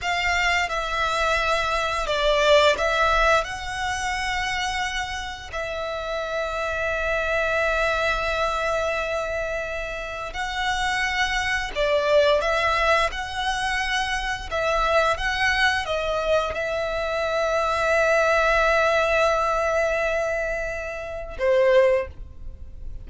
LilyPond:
\new Staff \with { instrumentName = "violin" } { \time 4/4 \tempo 4 = 87 f''4 e''2 d''4 | e''4 fis''2. | e''1~ | e''2. fis''4~ |
fis''4 d''4 e''4 fis''4~ | fis''4 e''4 fis''4 dis''4 | e''1~ | e''2. c''4 | }